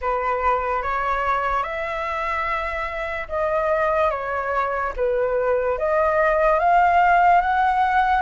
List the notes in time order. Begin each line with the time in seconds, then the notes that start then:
0.01 B4
0.82 C#5
1.63 E5
3.28 D#5
4.10 C#5
4.96 B4
5.78 D#5
6.59 F5
7.41 F#5